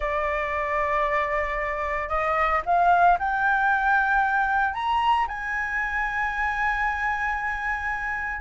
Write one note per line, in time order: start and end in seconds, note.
0.00 2.09 D5
2.09 2.61 D#5
2.65 3.18 F5
3.18 4.74 G5
4.74 5.26 A#5
5.27 8.41 G#5